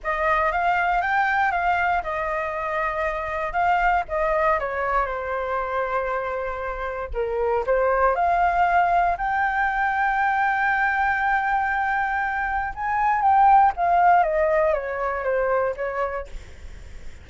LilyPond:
\new Staff \with { instrumentName = "flute" } { \time 4/4 \tempo 4 = 118 dis''4 f''4 g''4 f''4 | dis''2. f''4 | dis''4 cis''4 c''2~ | c''2 ais'4 c''4 |
f''2 g''2~ | g''1~ | g''4 gis''4 g''4 f''4 | dis''4 cis''4 c''4 cis''4 | }